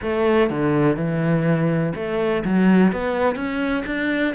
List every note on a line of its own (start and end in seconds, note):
0.02 0.50 A3
0.50 0.96 D3
0.96 1.93 E3
1.95 2.43 A3
2.44 2.92 F#3
2.92 3.35 B3
3.35 3.84 C#4
3.86 4.34 D4